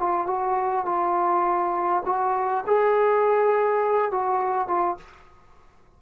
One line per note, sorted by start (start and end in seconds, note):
0.00 0.27 F4
0.27 0.86 F#4
0.86 2.03 F4
2.06 2.64 F#4
2.67 4.12 G#4
4.12 4.68 F#4
4.68 4.97 F4